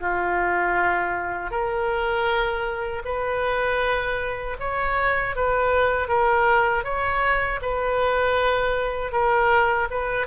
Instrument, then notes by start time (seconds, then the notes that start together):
oboe
0.00 F4
1.51 A#4
3.05 B4
4.59 C#5
5.35 B4
6.08 A#4
6.84 C#5
7.61 B4
9.12 A#4
9.90 B4